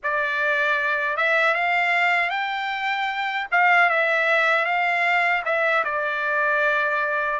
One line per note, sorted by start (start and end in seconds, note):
0.03 1.16 D5
1.16 1.54 E5
1.54 2.30 F5
2.30 3.46 G5
3.51 3.89 F5
3.89 4.65 E5
4.65 5.43 F5
5.45 5.84 E5
5.84 7.39 D5